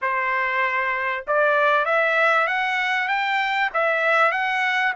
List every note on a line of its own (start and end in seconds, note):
0.01 1.25 C5
1.27 1.85 D5
1.85 2.47 E5
2.47 3.08 F#5
3.08 3.69 G5
3.73 4.31 E5
4.31 4.93 F#5